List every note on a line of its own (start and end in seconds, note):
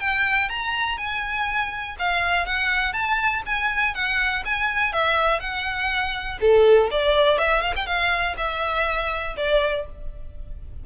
0.00 0.49 G5
0.49 0.97 A#5
0.97 1.96 G#5
1.99 2.46 F5
2.46 2.93 F#5
2.93 3.42 A5
3.46 3.94 G#5
3.94 4.43 F#5
4.45 4.92 G#5
4.92 5.40 E5
5.40 6.38 F#5
6.41 6.90 A4
6.91 7.38 D5
7.38 7.61 E5
7.61 7.74 F5
7.76 7.86 G5
7.86 8.35 F5
8.37 9.35 E5
9.37 9.86 D5